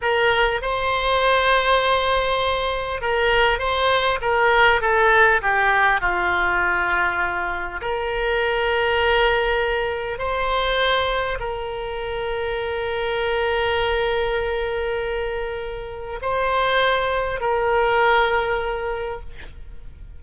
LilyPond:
\new Staff \with { instrumentName = "oboe" } { \time 4/4 \tempo 4 = 100 ais'4 c''2.~ | c''4 ais'4 c''4 ais'4 | a'4 g'4 f'2~ | f'4 ais'2.~ |
ais'4 c''2 ais'4~ | ais'1~ | ais'2. c''4~ | c''4 ais'2. | }